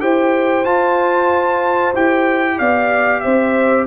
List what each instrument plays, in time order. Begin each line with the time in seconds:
0.00 tuba E4, trombone G4, horn C5, trumpet G5
0.64 trombone F4, tuba F4, trumpet A5
1.95 tuba E4, trombone G4, trumpet G5
2.58 tuba B3, horn D5, trumpet F5
3.20 tuba C4, horn C5, trumpet E5